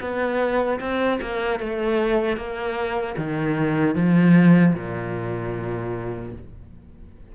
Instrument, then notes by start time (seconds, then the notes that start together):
cello
0.00 B3
0.80 C4
1.21 A#3
1.59 A3
2.36 A#3
3.17 D#3
3.95 F3
4.74 A#2